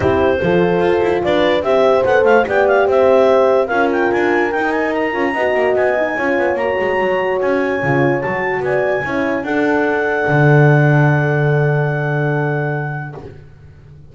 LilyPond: <<
  \new Staff \with { instrumentName = "clarinet" } { \time 4/4 \tempo 4 = 146 c''2. d''4 | e''4 fis''8 f''8 g''8 f''8 e''4~ | e''4 f''8 g''8 gis''4 g''8 gis''8 | ais''2 gis''2 |
ais''2 gis''2 | a''4 gis''2 fis''4~ | fis''1~ | fis''1 | }
  \new Staff \with { instrumentName = "horn" } { \time 4/4 g'4 a'2 b'4 | c''2 d''4 c''4~ | c''4 ais'2.~ | ais'4 dis''2 cis''4~ |
cis''1~ | cis''4 d''4 cis''4 a'4~ | a'1~ | a'1 | }
  \new Staff \with { instrumentName = "horn" } { \time 4/4 e'4 f'2. | g'4 a'4 g'2~ | g'4 f'2 dis'4~ | dis'8 f'8 fis'4. dis'8 f'4 |
fis'2. f'4 | fis'2 e'4 d'4~ | d'1~ | d'1 | }
  \new Staff \with { instrumentName = "double bass" } { \time 4/4 c'4 f4 f'8 e'8 d'4 | c'4 b8 a8 b4 c'4~ | c'4 cis'4 d'4 dis'4~ | dis'8 cis'8 b8 ais8 b4 cis'8 b8 |
ais8 gis8 fis4 cis'4 cis4 | fis4 b4 cis'4 d'4~ | d'4 d2.~ | d1 | }
>>